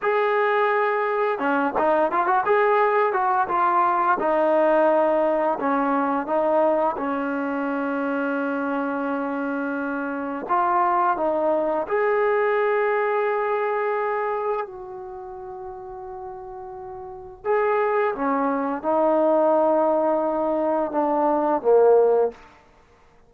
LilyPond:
\new Staff \with { instrumentName = "trombone" } { \time 4/4 \tempo 4 = 86 gis'2 cis'8 dis'8 f'16 fis'16 gis'8~ | gis'8 fis'8 f'4 dis'2 | cis'4 dis'4 cis'2~ | cis'2. f'4 |
dis'4 gis'2.~ | gis'4 fis'2.~ | fis'4 gis'4 cis'4 dis'4~ | dis'2 d'4 ais4 | }